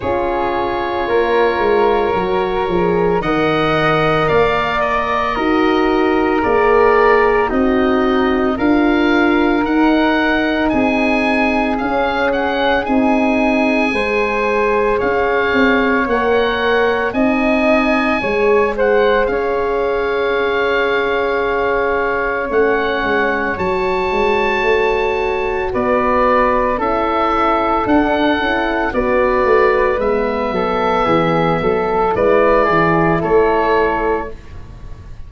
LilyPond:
<<
  \new Staff \with { instrumentName = "oboe" } { \time 4/4 \tempo 4 = 56 cis''2. fis''4 | f''8 dis''4. d''4 dis''4 | f''4 fis''4 gis''4 f''8 fis''8 | gis''2 f''4 fis''4 |
gis''4. fis''8 f''2~ | f''4 fis''4 a''2 | d''4 e''4 fis''4 d''4 | e''2 d''4 cis''4 | }
  \new Staff \with { instrumentName = "flute" } { \time 4/4 gis'4 ais'2 dis''4 | d''4 ais'2 dis'4 | ais'2 gis'2~ | gis'4 c''4 cis''2 |
dis''4 cis''8 c''8 cis''2~ | cis''1 | b'4 a'2 b'4~ | b'8 a'8 gis'8 a'8 b'8 gis'8 a'4 | }
  \new Staff \with { instrumentName = "horn" } { \time 4/4 f'2 fis'8 gis'8 ais'4~ | ais'4 fis'4 gis'4 fis'4 | f'4 dis'2 cis'4 | dis'4 gis'2 ais'4 |
dis'4 gis'2.~ | gis'4 cis'4 fis'2~ | fis'4 e'4 d'8 e'8 fis'4 | b2 e'2 | }
  \new Staff \with { instrumentName = "tuba" } { \time 4/4 cis'4 ais8 gis8 fis8 f8 dis4 | ais4 dis'4 ais4 c'4 | d'4 dis'4 c'4 cis'4 | c'4 gis4 cis'8 c'8 ais4 |
c'4 gis4 cis'2~ | cis'4 a8 gis8 fis8 gis8 a4 | b4 cis'4 d'8 cis'8 b8 a8 | gis8 fis8 e8 fis8 gis8 e8 a4 | }
>>